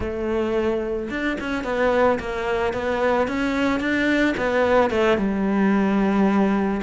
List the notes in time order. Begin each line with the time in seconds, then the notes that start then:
0.00 A3
1.10 D4
1.40 C#4
1.64 B3
2.19 A#3
2.73 B3
3.27 C#4
3.80 D4
4.37 B3
4.90 A3
5.17 G3